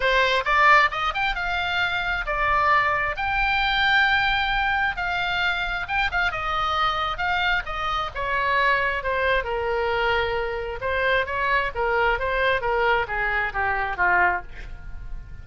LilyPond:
\new Staff \with { instrumentName = "oboe" } { \time 4/4 \tempo 4 = 133 c''4 d''4 dis''8 g''8 f''4~ | f''4 d''2 g''4~ | g''2. f''4~ | f''4 g''8 f''8 dis''2 |
f''4 dis''4 cis''2 | c''4 ais'2. | c''4 cis''4 ais'4 c''4 | ais'4 gis'4 g'4 f'4 | }